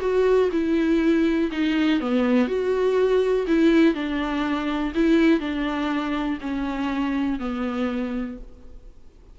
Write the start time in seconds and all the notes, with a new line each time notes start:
0.00 F#4
0.52 E4
1.51 D#4
2.00 B3
2.47 F#4
3.47 E4
3.94 D4
4.94 E4
5.40 D4
6.41 C#4
7.39 B3